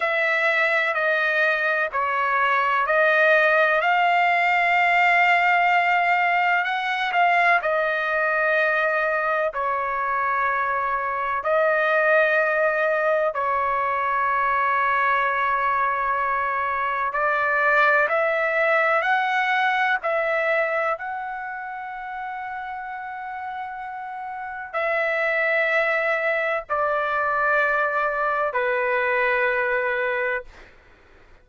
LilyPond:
\new Staff \with { instrumentName = "trumpet" } { \time 4/4 \tempo 4 = 63 e''4 dis''4 cis''4 dis''4 | f''2. fis''8 f''8 | dis''2 cis''2 | dis''2 cis''2~ |
cis''2 d''4 e''4 | fis''4 e''4 fis''2~ | fis''2 e''2 | d''2 b'2 | }